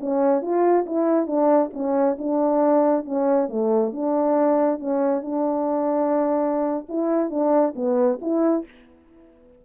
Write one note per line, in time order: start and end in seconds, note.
0.00 0.41 C#4
0.41 0.85 F4
0.86 1.26 E4
1.26 1.70 D4
1.73 2.17 C#4
2.18 3.05 D4
3.05 3.48 C#4
3.48 3.92 A3
3.92 4.79 D4
4.79 5.22 C#4
5.22 6.86 D4
6.88 7.30 E4
7.30 7.74 D4
7.75 8.19 B3
8.21 8.65 E4